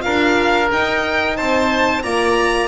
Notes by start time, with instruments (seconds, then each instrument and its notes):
0.00 double bass D4, horn F4, oboe A#4, violin F5
0.71 horn D#4, double bass D#4, violin G5
1.37 double bass C4, oboe C5, violin A5
2.03 double bass A#3, horn F4, oboe D5, violin A#5